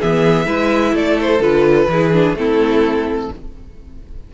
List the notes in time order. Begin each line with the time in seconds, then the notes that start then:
0.00 E3 B3 G#4 E5
0.45 G#3 E4 B4
0.92 A3 A4 D5
1.21 C5
1.39 D3 F4 B4
1.87 E3 E4 G#4
2.13 D4
2.34 A3 C4 E4 A4